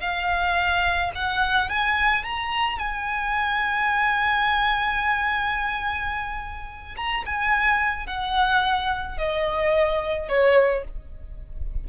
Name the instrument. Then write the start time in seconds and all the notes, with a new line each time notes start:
violin
0.00 F5
1.15 F#5
1.69 G#5
2.23 A#5
2.78 G#5
6.96 A#5
7.26 G#5
8.06 F#5
9.17 D#5
10.28 C#5